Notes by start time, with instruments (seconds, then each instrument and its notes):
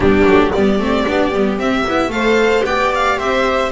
0.00 double bass G3, viola B3 D4, violin G4
0.25 double bass F#3, viola A3
0.52 double bass G3, viola B3 G4, violin D5
0.78 double bass A3, viola C4
1.06 double bass B3, viola D4
1.33 double bass G3, viola B3
1.58 double bass C4, viola C4, violin E5
1.87 double bass B3, viola E4
2.08 double bass A3, viola A4 C5, violin F5
2.64 double bass B3, viola G4 D5, violin G5
2.94 violin F5
3.18 double bass C4, viola C5, violin E5